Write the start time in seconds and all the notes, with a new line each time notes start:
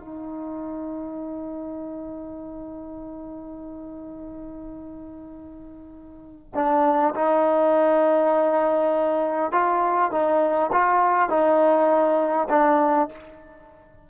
0.00 D#4
6.55 D4
7.15 D#4
9.52 F4
10.12 D#4
10.73 F4
11.30 D#4
12.50 D4